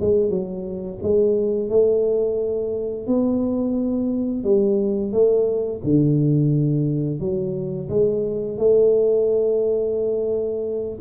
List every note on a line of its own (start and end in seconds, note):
0.00 0.29 G#3
0.29 0.98 F#3
1.03 1.69 G#3
1.69 3.07 A3
3.07 4.44 B3
4.44 5.12 G3
5.12 5.81 A3
5.84 7.19 D3
7.19 7.88 F#3
7.89 8.57 G#3
8.57 10.99 A3